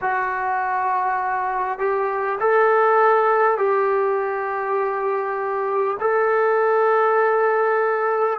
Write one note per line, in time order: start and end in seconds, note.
0.01 1.78 F#4
1.78 2.38 G4
2.39 3.57 A4
3.57 5.97 G4
6.00 8.39 A4